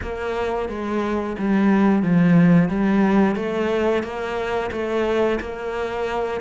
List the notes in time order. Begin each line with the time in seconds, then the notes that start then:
0.02 A#3
0.68 G#3
1.38 G3
2.02 F3
2.68 G3
3.35 A3
4.03 A#3
4.71 A3
5.40 A#3